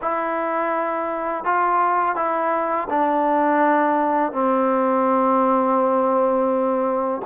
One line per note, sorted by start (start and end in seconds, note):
0.01 1.44 E4
1.44 2.15 F4
2.15 2.88 E4
2.89 4.32 D4
4.32 7.21 C4